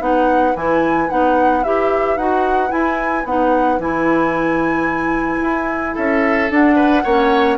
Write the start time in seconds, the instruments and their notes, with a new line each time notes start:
0.00 bassoon B3, clarinet D#4, oboe B4, flute F#5
0.55 bassoon E3, clarinet E4, flute G#5
1.09 bassoon B3, clarinet D#4, flute F#5
1.64 bassoon E4, clarinet G4, flute E5
2.17 bassoon D#4, clarinet F#4, flute F#5
2.69 clarinet E4, bassoon E4, flute G#5
3.25 bassoon B3, clarinet D#4, flute F#5
3.79 bassoon E3, clarinet E4, flute G#5
5.42 bassoon E4
5.94 bassoon C#4, oboe A4, flute E5
6.50 clarinet D4, bassoon D4, flute F#5
6.76 oboe B4
7.04 bassoon A#3, clarinet C#4, oboe C#5